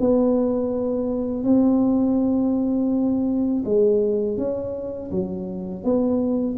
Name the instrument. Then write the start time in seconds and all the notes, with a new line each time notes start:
tuba
0.00 B3
1.43 C4
3.65 G#3
4.37 C#4
5.11 F#3
5.83 B3